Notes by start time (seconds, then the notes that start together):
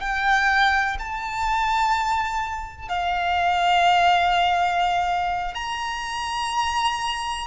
0.00 G5
0.99 A5
2.89 F5
5.54 A#5